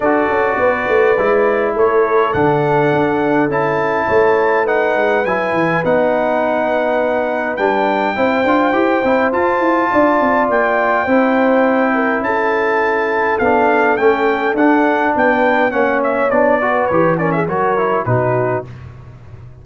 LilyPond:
<<
  \new Staff \with { instrumentName = "trumpet" } { \time 4/4 \tempo 4 = 103 d''2. cis''4 | fis''2 a''2 | fis''4 gis''4 fis''2~ | fis''4 g''2. |
a''2 g''2~ | g''4 a''2 f''4 | g''4 fis''4 g''4 fis''8 e''8 | d''4 cis''8 d''16 e''16 cis''4 b'4 | }
  \new Staff \with { instrumentName = "horn" } { \time 4/4 a'4 b'2 a'4~ | a'2. cis''4 | b'1~ | b'2 c''2~ |
c''4 d''2 c''4~ | c''8 ais'8 a'2.~ | a'2 b'4 cis''4~ | cis''8 b'4 ais'16 gis'16 ais'4 fis'4 | }
  \new Staff \with { instrumentName = "trombone" } { \time 4/4 fis'2 e'2 | d'2 e'2 | dis'4 e'4 dis'2~ | dis'4 d'4 e'8 f'8 g'8 e'8 |
f'2. e'4~ | e'2. d'4 | cis'4 d'2 cis'4 | d'8 fis'8 g'8 cis'8 fis'8 e'8 dis'4 | }
  \new Staff \with { instrumentName = "tuba" } { \time 4/4 d'8 cis'8 b8 a8 gis4 a4 | d4 d'4 cis'4 a4~ | a8 gis8 fis8 e8 b2~ | b4 g4 c'8 d'8 e'8 c'8 |
f'8 e'8 d'8 c'8 ais4 c'4~ | c'4 cis'2 b4 | a4 d'4 b4 ais4 | b4 e4 fis4 b,4 | }
>>